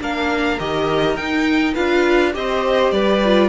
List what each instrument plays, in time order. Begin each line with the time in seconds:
0.00 cello A#3, viola D4, violin A#4 F5
0.59 cello D#3, viola G4, violin D#5
1.15 cello D#4, viola D#4, violin G5
1.74 cello D4, viola F4, violin B4 F5
2.33 cello C4, viola G4, violin C5 D#5
2.91 cello G3, violin B4 D5
3.25 viola F4